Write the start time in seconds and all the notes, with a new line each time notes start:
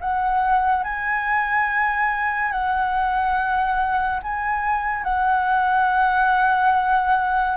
0.00 F#5
0.83 G#5
2.51 F#5
4.23 G#5
5.03 F#5